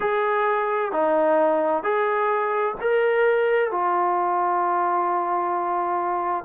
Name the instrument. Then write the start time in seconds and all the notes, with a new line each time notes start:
trombone
0.00 G#4
0.91 D#4
1.83 G#4
2.81 A#4
3.71 F4